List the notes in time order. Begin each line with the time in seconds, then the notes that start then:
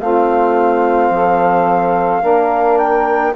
0.00 A3 C4 F4 F5
1.10 F3 A4
2.22 A#3 D4 A#4
2.78 G5